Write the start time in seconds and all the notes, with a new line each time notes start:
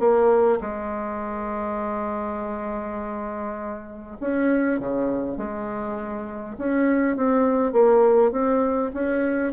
0.00 A#3
0.61 G#3
4.21 C#4
4.80 C#3
5.38 G#3
6.59 C#4
7.17 C4
7.73 A#3
8.32 C4
8.94 C#4